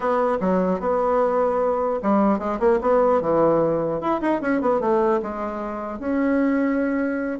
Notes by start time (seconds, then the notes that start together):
0.00 B3
0.40 F#3
0.79 B3
2.02 G3
2.38 G#3
2.59 A#3
2.81 B3
3.21 E3
4.00 E4
4.21 D#4
4.41 C#4
4.61 B3
4.80 A3
5.22 G#3
5.99 C#4